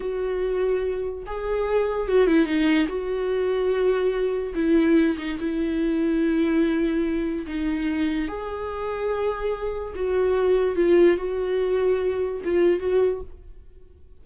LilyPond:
\new Staff \with { instrumentName = "viola" } { \time 4/4 \tempo 4 = 145 fis'2. gis'4~ | gis'4 fis'8 e'8 dis'4 fis'4~ | fis'2. e'4~ | e'8 dis'8 e'2.~ |
e'2 dis'2 | gis'1 | fis'2 f'4 fis'4~ | fis'2 f'4 fis'4 | }